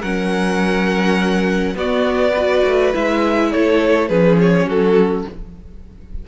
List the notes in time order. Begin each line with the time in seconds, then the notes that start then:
0.00 F#3 C#4 A#4 F#5
1.75 B3 F#4 D5
2.33 F#4 B4
2.65 A3
2.93 G#3 E4 E5
3.52 A3 A4 C#5
4.08 F3 C#4 G#4 B4
4.41 C#5
4.66 F#3 F#4 A4